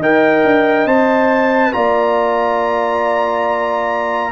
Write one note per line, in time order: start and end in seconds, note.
0.00 0.44 D#4
0.00 0.88 A#4
0.00 1.74 D#5
0.00 0.88 G5
0.45 0.86 D4
0.86 1.73 C4
0.86 1.73 C5
0.86 1.74 A5
1.73 4.33 A#3
1.73 4.33 F4
1.73 4.33 D5
1.73 4.33 A#5